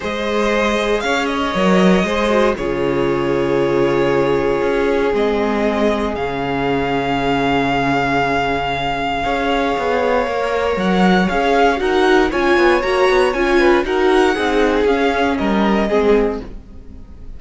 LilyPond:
<<
  \new Staff \with { instrumentName = "violin" } { \time 4/4 \tempo 4 = 117 dis''2 f''8 dis''4.~ | dis''4 cis''2.~ | cis''2 dis''2 | f''1~ |
f''1~ | f''4 fis''4 f''4 fis''4 | gis''4 ais''4 gis''4 fis''4~ | fis''4 f''4 dis''2 | }
  \new Staff \with { instrumentName = "violin" } { \time 4/4 c''2 cis''2 | c''4 gis'2.~ | gis'1~ | gis'1~ |
gis'2 cis''2~ | cis''2. ais'4 | cis''2~ cis''8 b'8 ais'4 | gis'2 ais'4 gis'4 | }
  \new Staff \with { instrumentName = "viola" } { \time 4/4 gis'2. ais'4 | gis'8 fis'8 f'2.~ | f'2 c'2 | cis'1~ |
cis'2 gis'2 | ais'2 gis'4 fis'4 | f'4 fis'4 f'4 fis'4 | dis'4 cis'2 c'4 | }
  \new Staff \with { instrumentName = "cello" } { \time 4/4 gis2 cis'4 fis4 | gis4 cis2.~ | cis4 cis'4 gis2 | cis1~ |
cis2 cis'4 b4 | ais4 fis4 cis'4 dis'4 | cis'8 b8 ais8 b8 cis'4 dis'4 | c'4 cis'4 g4 gis4 | }
>>